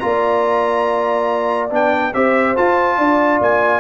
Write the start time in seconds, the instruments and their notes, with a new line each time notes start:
0.00 tuba A#3, trombone F4, horn D5, trumpet A#5
1.70 tuba B3, trombone D4, trumpet G5
2.14 tuba C4, trombone G4, horn C5, trumpet E5
2.56 trombone F4, tuba F4, trumpet A5
2.98 tuba D4, horn D5
3.41 tuba A#3, trumpet G#5